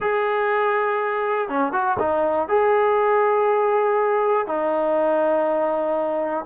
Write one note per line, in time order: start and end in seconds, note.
0.00 1.49 G#4
1.49 1.72 C#4
1.72 1.97 F#4
1.99 2.48 D#4
2.48 4.46 G#4
4.46 6.45 D#4